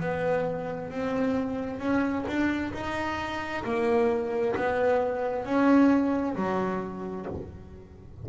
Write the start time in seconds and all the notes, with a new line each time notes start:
0.00 B3
0.90 C4
1.79 C#4
2.27 D4
2.73 D#4
3.64 A#3
4.55 B3
5.45 C#4
6.35 F#3